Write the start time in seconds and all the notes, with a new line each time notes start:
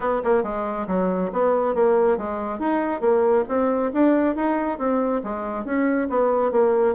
0.00 B3
0.24 A#3
0.43 G#3
0.87 F#3
1.32 B3
1.75 A#3
2.17 G#3
2.59 D#4
3.01 A#3
3.48 C4
3.93 D4
4.35 D#4
4.78 C4
5.23 G#3
5.64 C#4
6.09 B3
6.51 A#3